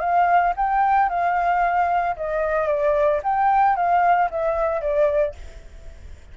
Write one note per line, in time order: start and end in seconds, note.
0.00 0.54 F5
0.56 1.09 G5
1.09 2.16 F5
2.16 2.67 D#5
2.67 3.21 D5
3.23 3.76 G5
3.76 4.30 F5
4.31 4.81 E5
4.81 5.35 D5